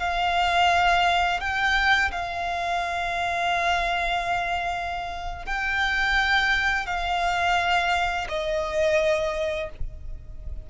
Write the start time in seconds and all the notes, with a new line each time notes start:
0.00 F5
1.41 G5
2.12 F5
5.46 G5
6.86 F5
8.29 D#5